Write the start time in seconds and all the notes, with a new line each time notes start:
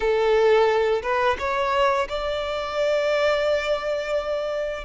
0.00 A4
1.02 B4
1.39 C#5
2.08 D5